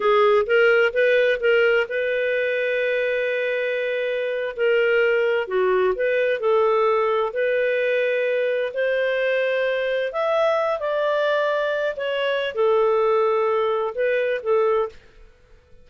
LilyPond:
\new Staff \with { instrumentName = "clarinet" } { \time 4/4 \tempo 4 = 129 gis'4 ais'4 b'4 ais'4 | b'1~ | b'4.~ b'16 ais'2 fis'16~ | fis'8. b'4 a'2 b'16~ |
b'2~ b'8. c''4~ c''16~ | c''4.~ c''16 e''4. d''8.~ | d''4.~ d''16 cis''4~ cis''16 a'4~ | a'2 b'4 a'4 | }